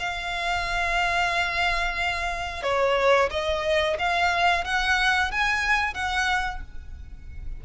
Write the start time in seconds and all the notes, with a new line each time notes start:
0.00 F5
2.63 C#5
3.31 D#5
3.99 F5
4.65 F#5
5.32 G#5
5.95 F#5